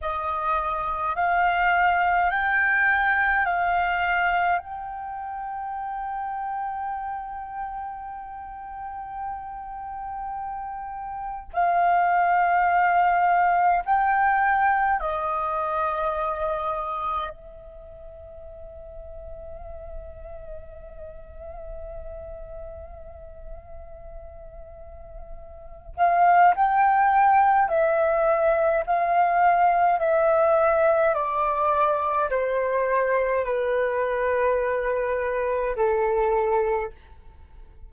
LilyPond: \new Staff \with { instrumentName = "flute" } { \time 4/4 \tempo 4 = 52 dis''4 f''4 g''4 f''4 | g''1~ | g''2 f''2 | g''4 dis''2 e''4~ |
e''1~ | e''2~ e''8 f''8 g''4 | e''4 f''4 e''4 d''4 | c''4 b'2 a'4 | }